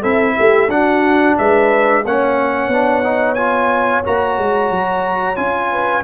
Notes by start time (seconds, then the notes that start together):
0.00 C4 E4 A4 E5
0.37 A3 G4
0.68 D4 F#4 F#5
1.38 G#3 B4 E5
2.04 A#3 C#4 C#5 F#5
2.67 B3 D4
3.03 D#4
3.35 F4 G#5
4.04 A#3 F#4 A#5
4.38 G#3
4.70 F#3
5.36 C#4 F4 G#5
5.70 B4